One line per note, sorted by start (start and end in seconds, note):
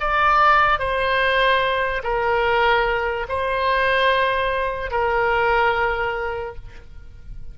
0.00 0.78 D5
0.78 2.02 C5
2.03 3.27 A#4
3.28 4.91 C5
4.91 6.55 A#4